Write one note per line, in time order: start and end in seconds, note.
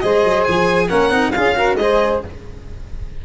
0.00 0.24 G#3
0.00 0.89 G#4
0.00 0.87 C5
0.00 0.44 D#5
0.24 0.46 F#3
0.44 0.90 F3
0.44 0.88 G#5
0.87 1.10 A#3
0.87 1.10 C#4
0.87 1.31 A#4
0.87 1.31 F#5
1.10 1.32 C4
1.10 1.32 D#4
1.31 1.74 C#4
1.31 1.55 F4
1.31 1.56 G#4
1.31 1.75 F5
1.55 1.77 F#4
1.55 1.78 A#4
1.74 2.18 G#3
1.74 2.24 G#4
1.74 2.21 D#5
1.81 2.25 C5